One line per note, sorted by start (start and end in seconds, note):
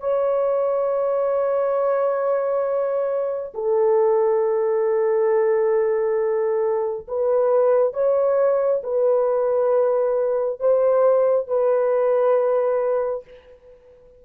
0.00 3.53 C#5
3.55 7.07 A4
7.08 7.94 B4
7.94 8.82 C#5
8.84 10.60 B4
10.60 11.48 C5
11.48 13.24 B4